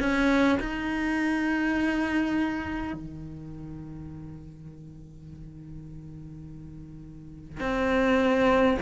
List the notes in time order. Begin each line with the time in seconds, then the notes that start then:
0.00 C#4
0.60 D#4
2.94 D#3
7.60 C4